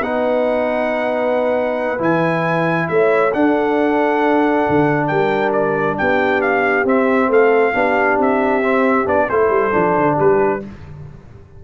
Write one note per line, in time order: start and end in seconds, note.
0.00 1.99 B3
0.00 1.98 D#4
0.00 2.89 B4
0.00 2.01 F#5
1.98 2.88 E3
1.98 3.30 E4
1.98 2.88 G#5
2.88 3.33 A3
2.88 3.35 C#5
2.88 3.32 E5
3.33 6.85 D4
3.33 4.66 D4
3.33 5.09 A4
3.33 5.07 F#5
4.69 5.10 D3
5.07 5.98 G3
5.07 5.97 A#4
5.07 5.51 G5
5.52 5.96 D5
5.98 6.84 B3
5.98 7.29 G4
5.98 6.41 G5
6.41 6.85 F5
6.84 7.28 C4
6.84 7.73 C4
6.84 7.32 E5
7.28 7.72 A3
7.28 7.73 A4
7.28 8.20 F5
7.73 8.17 B3
7.73 8.61 D4
7.73 9.28 G4
8.17 9.06 C4
8.17 9.08 E5
8.61 9.05 C4
9.05 9.28 B3
9.05 9.27 D4
9.05 9.29 D5
9.28 9.49 A3
9.28 9.71 E4
9.28 10.15 A4
9.28 10.17 C5
9.49 9.71 G3
9.71 9.97 F3
9.71 10.59 D4
9.97 10.19 D3
10.15 10.64 G3
10.15 10.59 G4
10.15 10.63 B4